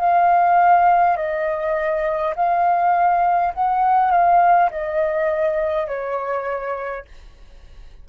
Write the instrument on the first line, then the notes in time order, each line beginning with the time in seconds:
flute
0.00 F5
1.17 D#5
2.35 F5
3.53 F#5
4.11 F5
4.71 D#5
5.87 C#5